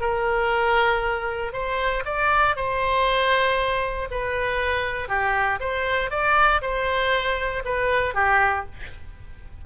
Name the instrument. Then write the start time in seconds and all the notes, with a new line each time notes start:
oboe
0.00 A#4
1.53 C5
2.05 D5
2.55 C5
4.10 B4
5.08 G4
5.60 C5
6.10 D5
6.61 C5
7.64 B4
8.14 G4